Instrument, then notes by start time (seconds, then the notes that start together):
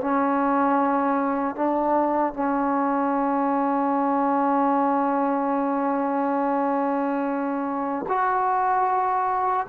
trombone
0.00 C#4
1.55 D4
2.33 C#4
8.08 F#4